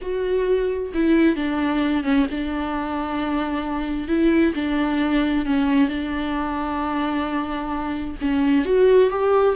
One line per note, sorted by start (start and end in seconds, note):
0.01 0.92 F#4
0.93 1.36 E4
1.36 2.03 D4
2.03 2.26 C#4
2.30 4.08 D4
4.08 4.53 E4
4.55 5.45 D4
5.45 5.89 C#4
5.89 8.16 D4
8.21 8.65 C#4
8.65 9.10 F#4
9.10 9.55 G4